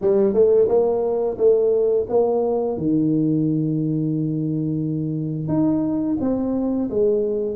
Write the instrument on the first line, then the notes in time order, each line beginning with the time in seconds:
tuba
0.01 G3
0.33 A3
0.68 A#3
1.37 A3
2.09 A#3
2.77 D#3
5.48 D#4
6.20 C4
6.90 G#3